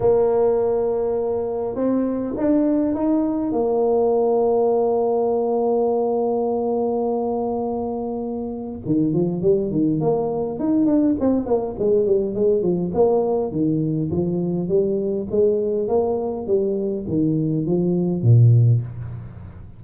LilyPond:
\new Staff \with { instrumentName = "tuba" } { \time 4/4 \tempo 4 = 102 ais2. c'4 | d'4 dis'4 ais2~ | ais1~ | ais2. dis8 f8 |
g8 dis8 ais4 dis'8 d'8 c'8 ais8 | gis8 g8 gis8 f8 ais4 dis4 | f4 g4 gis4 ais4 | g4 dis4 f4 ais,4 | }